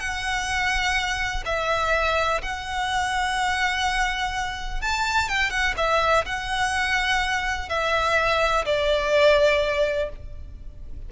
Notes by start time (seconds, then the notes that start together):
0.00 F#5
1.46 E5
2.43 F#5
4.82 A5
5.29 G5
5.50 F#5
5.78 E5
6.26 F#5
7.69 E5
8.66 D5